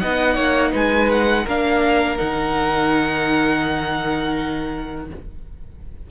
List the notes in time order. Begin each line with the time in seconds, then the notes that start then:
0.00 B3 D#4 D#5 F#5
0.35 A#3 C#5
0.72 G#3 B4 G#5
1.11 F#5
1.44 A#3 D4 A#4 F5
2.18 D#3 D#4 F#5